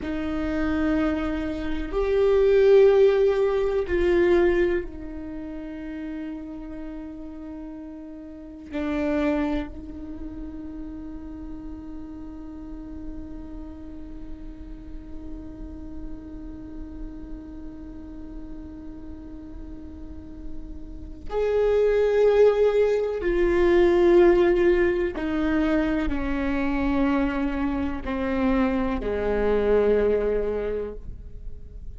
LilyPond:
\new Staff \with { instrumentName = "viola" } { \time 4/4 \tempo 4 = 62 dis'2 g'2 | f'4 dis'2.~ | dis'4 d'4 dis'2~ | dis'1~ |
dis'1~ | dis'2 gis'2 | f'2 dis'4 cis'4~ | cis'4 c'4 gis2 | }